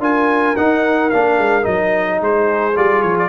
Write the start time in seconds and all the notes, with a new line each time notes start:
0.00 D4 F4 A#4 G#5
0.57 D#4 F#5
1.10 A#3 D4 F5
1.38 G#3
1.63 F#3 D#4 D#5
2.20 G#3 G#4 C5
2.76 G3 F4 D5
3.03 F3 C#5
3.19 D5